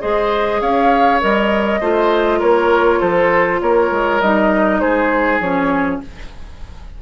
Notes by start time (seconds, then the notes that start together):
0.00 G#3 G#4 C5 D#5
0.61 C#4 C#5 F5
1.20 G3 A#4 D#5
1.80 A3 F4 C5
2.39 A#3 A#4 C#5
3.00 F3 A4 C5
3.61 A#3 A#4 C#5
3.91 G#3
4.21 G3 D#4 D#5
4.80 G#3 G#4 C5
5.40 F3 C#4 C#5